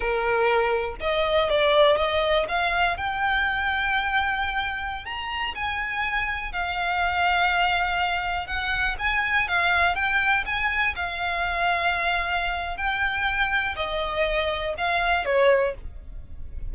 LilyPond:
\new Staff \with { instrumentName = "violin" } { \time 4/4 \tempo 4 = 122 ais'2 dis''4 d''4 | dis''4 f''4 g''2~ | g''2~ g''16 ais''4 gis''8.~ | gis''4~ gis''16 f''2~ f''8.~ |
f''4~ f''16 fis''4 gis''4 f''8.~ | f''16 g''4 gis''4 f''4.~ f''16~ | f''2 g''2 | dis''2 f''4 cis''4 | }